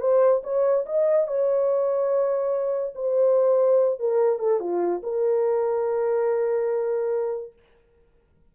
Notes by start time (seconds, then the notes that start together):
0.00 C5
0.43 C#5
0.86 D#5
1.27 C#5
2.95 C5
3.99 A#4
4.39 A4
4.59 F4
5.03 A#4